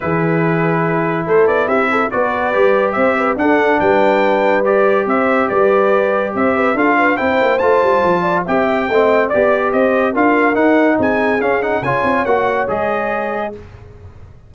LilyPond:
<<
  \new Staff \with { instrumentName = "trumpet" } { \time 4/4 \tempo 4 = 142 b'2. c''8 d''8 | e''4 d''2 e''4 | fis''4 g''2 d''4 | e''4 d''2 e''4 |
f''4 g''4 a''2 | g''2 d''4 dis''4 | f''4 fis''4 gis''4 f''8 fis''8 | gis''4 fis''4 dis''2 | }
  \new Staff \with { instrumentName = "horn" } { \time 4/4 gis'2. a'4 | g'8 a'8 b'2 c''8 b'8 | a'4 b'2. | c''4 b'2 c''8 b'8 |
a'8 b'8 c''2~ c''8 d''8 | e''4 dis''4 d''4 c''4 | ais'2 gis'2 | cis''1 | }
  \new Staff \with { instrumentName = "trombone" } { \time 4/4 e'1~ | e'4 fis'4 g'2 | d'2. g'4~ | g'1 |
f'4 e'4 f'2 | g'4 c'4 g'2 | f'4 dis'2 cis'8 dis'8 | f'4 fis'4 gis'2 | }
  \new Staff \with { instrumentName = "tuba" } { \time 4/4 e2. a8 b8 | c'4 b4 g4 c'4 | d'4 g2. | c'4 g2 c'4 |
d'4 c'8 ais8 a8 g8 f4 | c'4 a4 b4 c'4 | d'4 dis'4 c'4 cis'4 | cis8 c'8 ais4 gis2 | }
>>